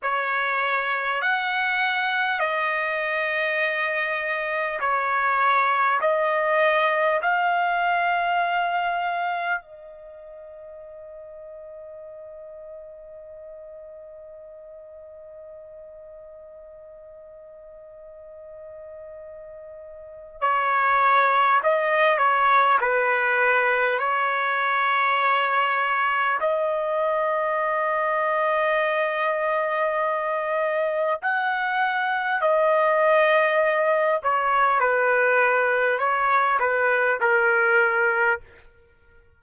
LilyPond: \new Staff \with { instrumentName = "trumpet" } { \time 4/4 \tempo 4 = 50 cis''4 fis''4 dis''2 | cis''4 dis''4 f''2 | dis''1~ | dis''1~ |
dis''4 cis''4 dis''8 cis''8 b'4 | cis''2 dis''2~ | dis''2 fis''4 dis''4~ | dis''8 cis''8 b'4 cis''8 b'8 ais'4 | }